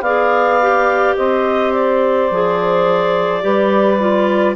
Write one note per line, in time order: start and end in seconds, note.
0.00 1.13 B3
0.00 0.61 G#4
0.00 1.15 D5
0.00 1.15 F5
0.61 2.31 G4
1.16 2.30 C4
1.16 3.43 C5
1.16 1.73 D#5
1.73 4.56 D5
2.31 3.43 F3
2.31 3.41 G#4
3.41 4.56 G3
3.41 3.98 G4
3.41 4.56 B4
3.99 4.56 F4